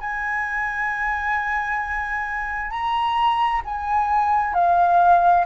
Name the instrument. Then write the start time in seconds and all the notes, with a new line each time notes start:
flute
0.00 G#5
2.70 A#5
3.64 G#5
4.54 F5